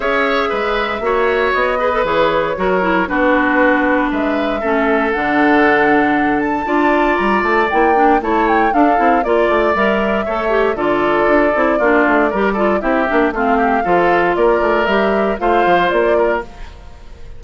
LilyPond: <<
  \new Staff \with { instrumentName = "flute" } { \time 4/4 \tempo 4 = 117 e''2. dis''4 | cis''2 b'2 | e''2 fis''2~ | fis''8 a''4. ais''8 a''8 g''4 |
a''8 g''8 f''4 d''4 e''4~ | e''4 d''2.~ | d''4 e''4 f''2 | d''4 e''4 f''4 d''4 | }
  \new Staff \with { instrumentName = "oboe" } { \time 4/4 cis''4 b'4 cis''4. b'8~ | b'4 ais'4 fis'2 | b'4 a'2.~ | a'4 d''2. |
cis''4 a'4 d''2 | cis''4 a'2 f'4 | ais'8 a'8 g'4 f'8 g'8 a'4 | ais'2 c''4. ais'8 | }
  \new Staff \with { instrumentName = "clarinet" } { \time 4/4 gis'2 fis'4. gis'16 a'16 | gis'4 fis'8 e'8 d'2~ | d'4 cis'4 d'2~ | d'4 f'2 e'8 d'8 |
e'4 d'8 e'8 f'4 ais'4 | a'8 g'8 f'4. e'8 d'4 | g'8 f'8 e'8 d'8 c'4 f'4~ | f'4 g'4 f'2 | }
  \new Staff \with { instrumentName = "bassoon" } { \time 4/4 cis'4 gis4 ais4 b4 | e4 fis4 b2 | gis4 a4 d2~ | d4 d'4 g8 a8 ais4 |
a4 d'8 c'8 ais8 a8 g4 | a4 d4 d'8 c'8 ais8 a8 | g4 c'8 ais8 a4 f4 | ais8 a8 g4 a8 f8 ais4 | }
>>